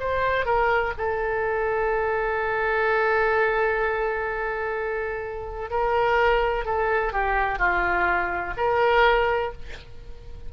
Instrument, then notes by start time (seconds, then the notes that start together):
oboe
0.00 C5
0.46 A#4
0.98 A4
5.71 A#4
6.65 A4
7.13 G4
7.59 F4
8.58 A#4